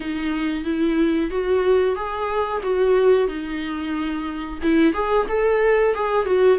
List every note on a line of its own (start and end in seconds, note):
0.00 0.64 D#4
0.64 1.30 E4
1.30 1.95 F#4
1.95 2.61 G#4
2.62 3.27 F#4
3.27 4.59 D#4
4.62 4.93 E4
4.93 5.26 G#4
5.28 5.94 A4
5.94 6.25 G#4
6.25 6.58 F#4